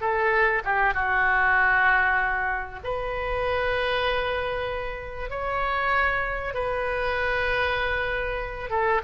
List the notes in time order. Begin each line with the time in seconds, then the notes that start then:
0.00 A4
0.64 G4
0.94 F#4
2.83 B4
5.30 C#5
6.54 B4
8.70 A4